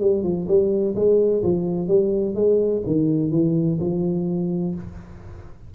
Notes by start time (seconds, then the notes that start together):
0.00 G3
0.23 F3
0.47 G3
0.95 G#3
1.43 F3
1.88 G3
2.35 G#3
2.86 D#3
3.31 E3
3.80 F3